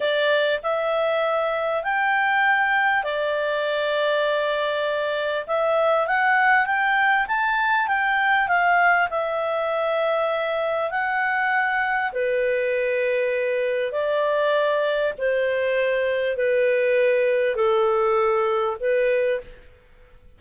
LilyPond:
\new Staff \with { instrumentName = "clarinet" } { \time 4/4 \tempo 4 = 99 d''4 e''2 g''4~ | g''4 d''2.~ | d''4 e''4 fis''4 g''4 | a''4 g''4 f''4 e''4~ |
e''2 fis''2 | b'2. d''4~ | d''4 c''2 b'4~ | b'4 a'2 b'4 | }